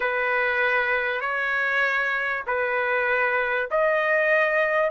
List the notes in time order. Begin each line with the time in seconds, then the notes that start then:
0.00 B4
1.20 C#5
2.46 B4
3.70 D#5